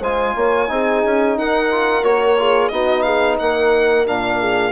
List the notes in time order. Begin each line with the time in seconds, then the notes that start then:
0.00 G#3 F4 C5 G#5
0.35 A#3 C#5
0.67 C4 D#4 G#4
1.04 C#4
1.37 D#4 A#4 F#5
1.71 F4
2.03 A#3 F#4 C#5
2.38 F4 G#4
2.68 B3 D#4 F#4 D#5
3.02 G#4 F5
3.38 A#3 A#4 F#5
4.05 A#2 D4 F5
4.39 G#4